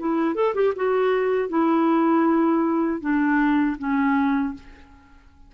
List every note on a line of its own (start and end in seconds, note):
0.00 0.36 E4
0.36 0.55 A4
0.55 0.74 G4
0.76 1.49 F#4
1.49 3.01 E4
3.01 3.77 D4
3.79 4.55 C#4